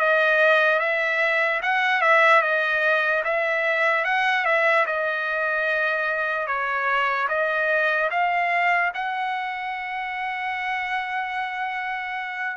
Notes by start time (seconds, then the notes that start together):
0.00 D#5
0.80 E5
1.63 F#5
2.02 E5
2.42 D#5
3.25 E5
4.05 F#5
4.46 E5
4.87 D#5
6.47 C#5
7.29 D#5
8.11 F5
8.95 F#5